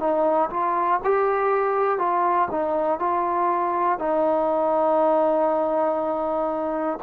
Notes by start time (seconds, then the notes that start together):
0.00 D#4
0.51 F4
1.05 G4
1.99 F4
2.51 D#4
3.00 F4
4.00 D#4